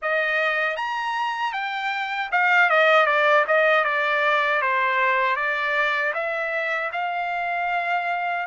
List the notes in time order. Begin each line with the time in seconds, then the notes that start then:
0.01 D#5
0.76 A#5
1.52 G5
2.31 F5
2.69 D#5
3.06 D5
3.47 D#5
3.84 D5
4.62 C5
5.36 D5
6.14 E5
6.92 F5